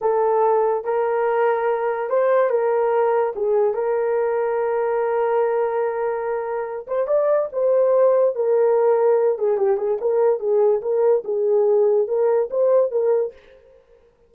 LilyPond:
\new Staff \with { instrumentName = "horn" } { \time 4/4 \tempo 4 = 144 a'2 ais'2~ | ais'4 c''4 ais'2 | gis'4 ais'2.~ | ais'1~ |
ais'8 c''8 d''4 c''2 | ais'2~ ais'8 gis'8 g'8 gis'8 | ais'4 gis'4 ais'4 gis'4~ | gis'4 ais'4 c''4 ais'4 | }